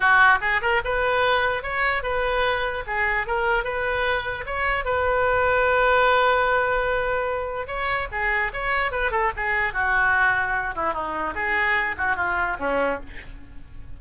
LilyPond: \new Staff \with { instrumentName = "oboe" } { \time 4/4 \tempo 4 = 148 fis'4 gis'8 ais'8 b'2 | cis''4 b'2 gis'4 | ais'4 b'2 cis''4 | b'1~ |
b'2. cis''4 | gis'4 cis''4 b'8 a'8 gis'4 | fis'2~ fis'8 e'8 dis'4 | gis'4. fis'8 f'4 cis'4 | }